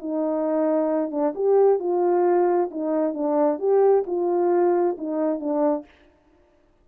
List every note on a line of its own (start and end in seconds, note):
0.00 1.11 D#4
1.11 1.34 D4
1.36 1.80 G4
1.80 2.70 F4
2.71 3.15 D#4
3.15 3.59 D4
3.59 4.05 G4
4.07 4.97 F4
4.98 5.40 D#4
5.40 5.85 D4